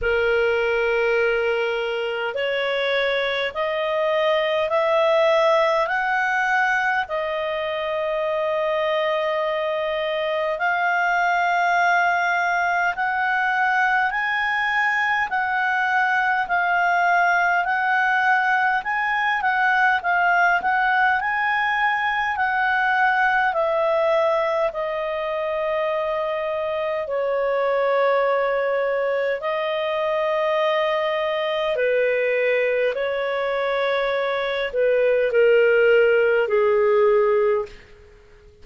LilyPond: \new Staff \with { instrumentName = "clarinet" } { \time 4/4 \tempo 4 = 51 ais'2 cis''4 dis''4 | e''4 fis''4 dis''2~ | dis''4 f''2 fis''4 | gis''4 fis''4 f''4 fis''4 |
gis''8 fis''8 f''8 fis''8 gis''4 fis''4 | e''4 dis''2 cis''4~ | cis''4 dis''2 b'4 | cis''4. b'8 ais'4 gis'4 | }